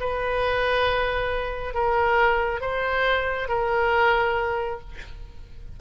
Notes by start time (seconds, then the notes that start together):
0.00 B4
1.74 A#4
2.61 C5
3.49 A#4